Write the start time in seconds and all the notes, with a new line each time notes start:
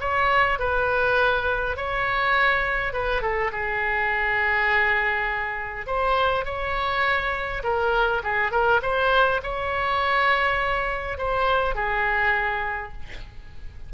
0.00 C#5
0.59 B4
1.76 C#5
2.93 B4
3.21 A4
3.52 G#4
5.86 C5
6.45 C#5
7.63 A#4
8.23 G#4
8.51 A#4
8.82 C5
9.43 C#5
11.17 C5
11.75 G#4